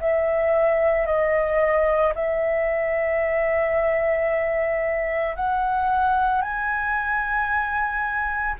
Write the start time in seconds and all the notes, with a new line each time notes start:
0.00 E5
1.06 D#5
2.15 E5
5.36 F#5
6.41 G#5